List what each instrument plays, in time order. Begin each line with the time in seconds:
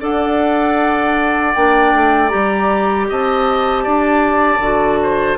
0.00 bassoon D4, clarinet A4, oboe D5, flute F#5
1.55 bassoon A#3, clarinet D4, flute G5
1.93 bassoon A3
2.29 bassoon G3, clarinet G4, flute A#5
3.09 bassoon C4, oboe D#5, flute A5
3.84 bassoon D4, oboe D5
4.59 bassoon D3, clarinet F#4
5.03 oboe C5